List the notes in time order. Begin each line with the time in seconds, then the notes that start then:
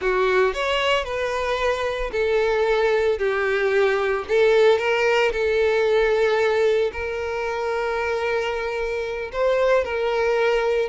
0.01 F#4
0.53 C#5
1.04 B4
2.12 A4
3.18 G4
4.28 A4
4.78 A#4
5.32 A4
6.92 A#4
9.32 C5
9.84 A#4